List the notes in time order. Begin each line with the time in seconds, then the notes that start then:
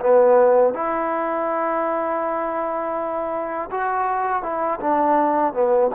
0.00 B3
0.73 E4
3.71 F#4
4.42 E4
4.80 D4
5.53 B3